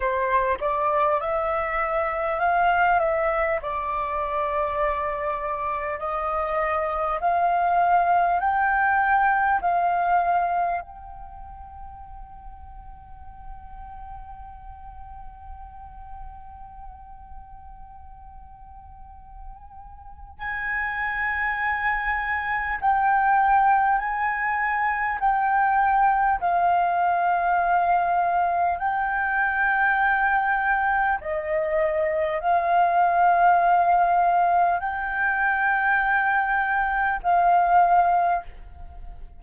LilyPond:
\new Staff \with { instrumentName = "flute" } { \time 4/4 \tempo 4 = 50 c''8 d''8 e''4 f''8 e''8 d''4~ | d''4 dis''4 f''4 g''4 | f''4 g''2.~ | g''1~ |
g''4 gis''2 g''4 | gis''4 g''4 f''2 | g''2 dis''4 f''4~ | f''4 g''2 f''4 | }